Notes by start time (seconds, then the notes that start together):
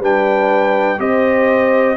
0.00 G3 D4 B4 G5
0.98 C4 G4 C5 D#5